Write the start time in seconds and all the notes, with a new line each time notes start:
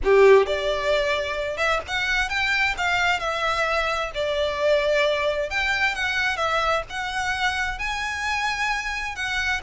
0.03 G4
0.46 D5
1.57 E5
1.87 F#5
2.29 G5
2.77 F5
3.19 E5
4.14 D5
5.49 G5
5.95 F#5
6.37 E5
6.89 F#5
7.78 G#5
9.15 F#5